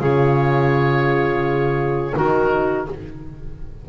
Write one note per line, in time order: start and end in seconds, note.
0.00 2.14 C#3
0.00 2.16 F4
0.00 2.14 G#4
0.00 2.17 C#5
2.15 2.89 D#3
2.15 2.89 D#4
2.15 2.86 F#4
2.15 2.88 A#4